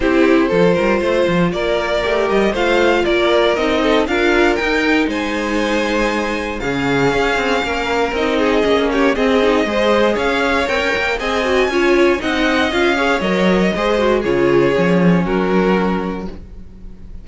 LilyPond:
<<
  \new Staff \with { instrumentName = "violin" } { \time 4/4 \tempo 4 = 118 c''2. d''4~ | d''8 dis''8 f''4 d''4 dis''4 | f''4 g''4 gis''2~ | gis''4 f''2. |
dis''4. cis''8 dis''2 | f''4 g''4 gis''2 | fis''4 f''4 dis''2 | cis''2 ais'2 | }
  \new Staff \with { instrumentName = "violin" } { \time 4/4 g'4 a'8 ais'8 c''4 ais'4~ | ais'4 c''4 ais'4. a'8 | ais'2 c''2~ | c''4 gis'2 ais'4~ |
ais'8 gis'4 g'8 gis'4 c''4 | cis''2 dis''4 cis''4 | dis''4. cis''4. c''4 | gis'2 fis'2 | }
  \new Staff \with { instrumentName = "viola" } { \time 4/4 e'4 f'2. | g'4 f'2 dis'4 | f'4 dis'2.~ | dis'4 cis'2. |
dis'4 cis'4 c'8 dis'8 gis'4~ | gis'4 ais'4 gis'8 fis'8 f'4 | dis'4 f'8 gis'8 ais'4 gis'8 fis'8 | f'4 cis'2. | }
  \new Staff \with { instrumentName = "cello" } { \time 4/4 c'4 f8 g8 a8 f8 ais4 | a8 g8 a4 ais4 c'4 | d'4 dis'4 gis2~ | gis4 cis4 cis'8 c'8 ais4 |
c'4 ais4 c'4 gis4 | cis'4 c'16 cis'16 ais8 c'4 cis'4 | c'4 cis'4 fis4 gis4 | cis4 f4 fis2 | }
>>